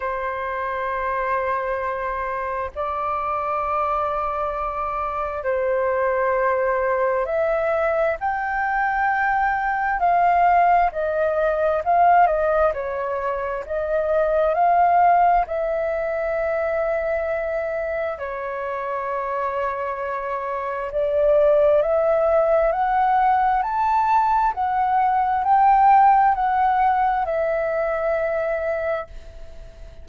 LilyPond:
\new Staff \with { instrumentName = "flute" } { \time 4/4 \tempo 4 = 66 c''2. d''4~ | d''2 c''2 | e''4 g''2 f''4 | dis''4 f''8 dis''8 cis''4 dis''4 |
f''4 e''2. | cis''2. d''4 | e''4 fis''4 a''4 fis''4 | g''4 fis''4 e''2 | }